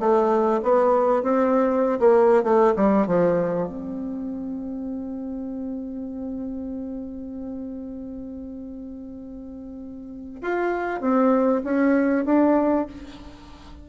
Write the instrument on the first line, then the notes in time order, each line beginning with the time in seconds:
bassoon
0.00 A3
0.63 B3
1.23 C4
2.00 A#3
2.44 A3
2.77 G3
3.07 F3
3.68 C4
10.42 F4
11.01 C4
11.64 C#4
12.26 D4